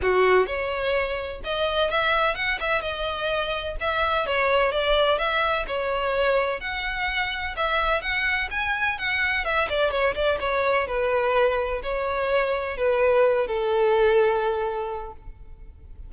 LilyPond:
\new Staff \with { instrumentName = "violin" } { \time 4/4 \tempo 4 = 127 fis'4 cis''2 dis''4 | e''4 fis''8 e''8 dis''2 | e''4 cis''4 d''4 e''4 | cis''2 fis''2 |
e''4 fis''4 gis''4 fis''4 | e''8 d''8 cis''8 d''8 cis''4 b'4~ | b'4 cis''2 b'4~ | b'8 a'2.~ a'8 | }